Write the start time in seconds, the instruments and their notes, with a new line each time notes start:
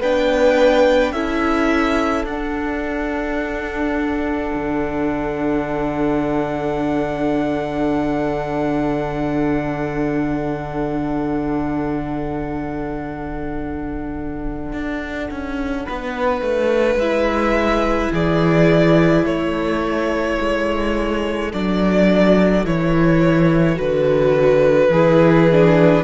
0.00 cello B3, viola D4, violin B4 G5
1.12 cello C#4, viola E4, violin A4 E5
2.25 cello D4, viola D4, violin F#5
4.54 cello D3
14.73 cello D4
15.31 cello C#4
15.86 cello B3, violin B4
16.42 cello A3
16.95 cello G#3, viola E4, violin E5
18.12 cello E3, violin G#4 D5
19.24 cello A3, violin A4 C#5
20.41 cello G#3
21.53 cello F#3, viola D4, violin D5
22.65 cello E3, viola E4, violin C#5
23.76 cello D3, viola F#4, violin B4
24.89 cello E3, viola E4, violin G#4
25.52 viola D4